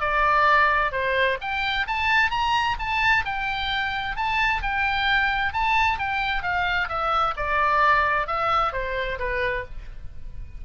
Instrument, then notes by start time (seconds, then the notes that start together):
oboe
0.00 D5
0.92 C5
1.41 G5
1.87 A5
2.30 A#5
2.79 A5
3.25 G5
4.16 A5
4.62 G5
5.53 A5
5.98 G5
6.42 F5
6.88 E5
7.36 D5
8.27 E5
8.72 C5
9.19 B4